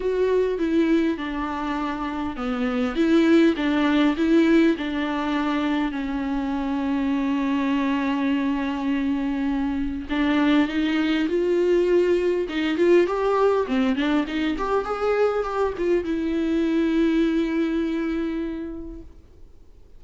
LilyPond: \new Staff \with { instrumentName = "viola" } { \time 4/4 \tempo 4 = 101 fis'4 e'4 d'2 | b4 e'4 d'4 e'4 | d'2 cis'2~ | cis'1~ |
cis'4 d'4 dis'4 f'4~ | f'4 dis'8 f'8 g'4 c'8 d'8 | dis'8 g'8 gis'4 g'8 f'8 e'4~ | e'1 | }